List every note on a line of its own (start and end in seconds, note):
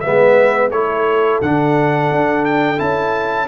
0.00 0.70 G#3
0.00 0.71 B3
0.00 0.72 B4
0.00 0.69 E5
0.70 1.39 A3
0.70 1.42 E4
0.70 3.48 A4
0.70 1.40 C#5
1.41 2.10 D3
1.41 2.77 D4
1.41 2.45 F#5
2.10 2.79 D4
2.45 2.79 G5
2.77 3.48 C#4
2.77 3.46 E4
2.77 3.48 A5